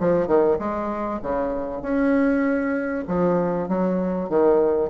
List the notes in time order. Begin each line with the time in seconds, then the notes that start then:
0.00 F3
0.27 D#3
0.59 G#3
1.22 C#3
1.82 C#4
3.08 F3
3.68 F#3
4.29 D#3